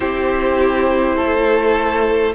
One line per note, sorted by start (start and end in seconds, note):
0.00 1.14 C4
0.00 2.32 E4
0.00 1.15 G4
0.00 2.33 C5
1.16 2.35 A3
1.16 2.33 A4